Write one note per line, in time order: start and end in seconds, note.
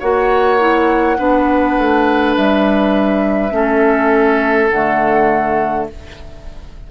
0.00 1.19 A#3
0.00 0.59 F#4
0.00 1.18 C#5
0.00 2.36 F#5
0.59 1.18 E4
1.18 1.78 B3
1.18 3.51 D4
1.18 3.54 B4
1.78 2.37 A3
2.36 3.51 G3
2.36 4.69 E5
3.51 4.69 A3
3.51 4.69 C#4
3.51 5.90 A4
4.69 5.89 D3
4.69 5.91 A3
4.69 5.87 F#5